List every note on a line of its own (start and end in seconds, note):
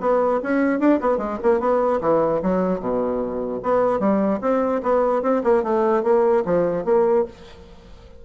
0.00 0.40 B3
0.42 0.79 C#4
0.79 1.00 D4
1.00 1.18 B3
1.18 1.38 G#3
1.43 1.60 A#3
1.60 2.00 B3
2.01 2.41 E3
2.42 2.80 F#3
2.80 3.60 B2
3.63 3.99 B3
3.99 4.40 G3
4.41 4.81 C4
4.83 5.22 B3
5.22 5.42 C4
5.44 5.63 A#3
5.63 6.03 A3
6.03 6.43 A#3
6.45 6.85 F3
6.85 7.25 A#3